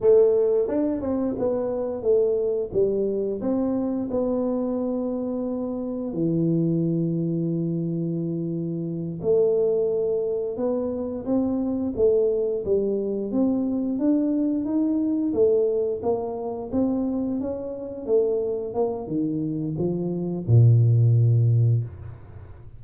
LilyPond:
\new Staff \with { instrumentName = "tuba" } { \time 4/4 \tempo 4 = 88 a4 d'8 c'8 b4 a4 | g4 c'4 b2~ | b4 e2.~ | e4. a2 b8~ |
b8 c'4 a4 g4 c'8~ | c'8 d'4 dis'4 a4 ais8~ | ais8 c'4 cis'4 a4 ais8 | dis4 f4 ais,2 | }